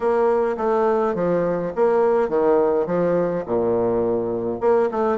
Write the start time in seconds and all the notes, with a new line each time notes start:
0.00 A#3
0.57 A3
1.15 F3
1.75 A#3
2.28 D#3
2.86 F3
3.45 A#2
4.60 A#3
4.91 A3